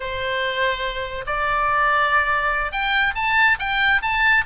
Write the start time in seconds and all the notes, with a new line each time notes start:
0.00 C5
1.26 D5
2.72 G5
3.15 A5
3.59 G5
4.02 A5